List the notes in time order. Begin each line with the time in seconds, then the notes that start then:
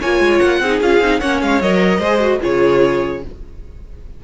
0.00 A#3 F4 C#5 G#5
0.20 G#3
0.39 A#3 F#5
0.60 C4 D#4 G#4
0.81 C#4 F4 F5
1.00 C4 D#4
1.20 A#3 C#4 C#5 F#5
1.42 G#3 F5
1.61 F#3 A#4 D#5
1.99 G#3 G#4 C5
2.20 F#4
2.41 C#3 F4 G#4 C#5